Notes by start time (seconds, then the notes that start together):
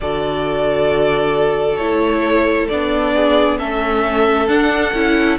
0.00 D3 F#4 A4 D5
1.77 A3 E4 C#5
2.68 B3 D4 D5
3.14 G#4
3.58 A3 C#4 A4 E5
4.48 D4 F#5
4.93 C#4 E4